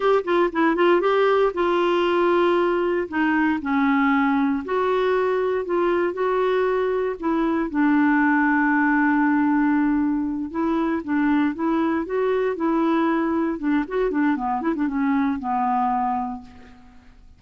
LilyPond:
\new Staff \with { instrumentName = "clarinet" } { \time 4/4 \tempo 4 = 117 g'8 f'8 e'8 f'8 g'4 f'4~ | f'2 dis'4 cis'4~ | cis'4 fis'2 f'4 | fis'2 e'4 d'4~ |
d'1~ | d'8 e'4 d'4 e'4 fis'8~ | fis'8 e'2 d'8 fis'8 d'8 | b8 e'16 d'16 cis'4 b2 | }